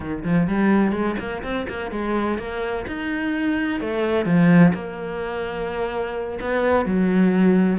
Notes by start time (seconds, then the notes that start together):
0.00 D#3
0.24 F3
0.47 G3
0.91 G#3
1.19 A#3
1.43 C4
1.69 A#3
1.91 G#3
2.38 A#3
2.87 D#4
3.80 A3
4.25 F3
4.74 A#3
6.40 B3
6.85 F#3